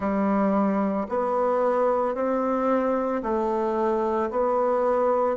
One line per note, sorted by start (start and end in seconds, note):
0.00 1.07 G3
1.08 2.14 B3
2.14 3.21 C4
3.22 4.30 A3
4.30 5.36 B3